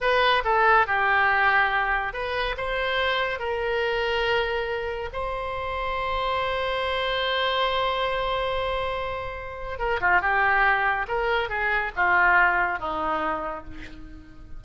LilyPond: \new Staff \with { instrumentName = "oboe" } { \time 4/4 \tempo 4 = 141 b'4 a'4 g'2~ | g'4 b'4 c''2 | ais'1 | c''1~ |
c''1~ | c''2. ais'8 f'8 | g'2 ais'4 gis'4 | f'2 dis'2 | }